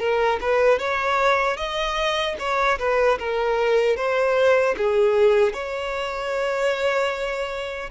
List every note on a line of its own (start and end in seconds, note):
0.00 0.39 A#4
0.41 0.79 B4
0.79 1.57 C#5
1.57 2.36 D#5
2.39 2.79 C#5
2.79 3.19 B4
3.19 3.97 A#4
3.97 4.75 C5
4.78 5.54 G#4
5.54 7.91 C#5